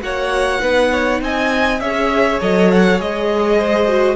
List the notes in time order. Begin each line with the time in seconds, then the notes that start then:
0.00 A#3 F#4 C#5 F#5
0.59 B3 D#4 B4
0.92 C#5
1.21 C4 D#5 G#5
1.80 C#4 G#4 C#5 E5
2.40 F#3 A4 D#5
2.71 F#5
2.98 G#3 G#4 D#5
3.58 C5
3.87 F#4